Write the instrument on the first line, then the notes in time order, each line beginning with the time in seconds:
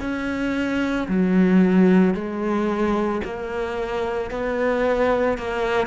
cello
0.00 C#4
1.08 F#3
2.14 G#3
3.24 A#3
4.31 B3
5.37 A#3